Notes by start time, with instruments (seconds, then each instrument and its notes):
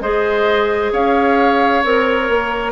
0.00 bassoon G#3, clarinet G#4, oboe C5, flute D#5
0.92 bassoon C#4, oboe C#5, flute F5
1.83 bassoon C4, clarinet A#4, flute A#4
2.29 bassoon A#3